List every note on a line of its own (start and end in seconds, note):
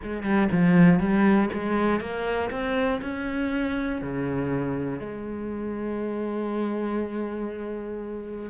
0.02 0.23 G#3
0.23 0.48 G3
0.51 0.99 F3
0.99 1.49 G3
1.52 2.00 G#3
2.00 2.50 A#3
2.50 3.00 C4
3.01 4.01 C#4
4.01 4.99 C#3
4.99 8.49 G#3